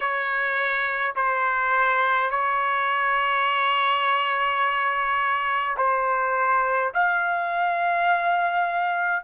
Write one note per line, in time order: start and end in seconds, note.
0.00 1.14 C#5
1.15 2.30 C5
2.30 5.76 C#5
5.77 6.92 C5
6.93 9.23 F5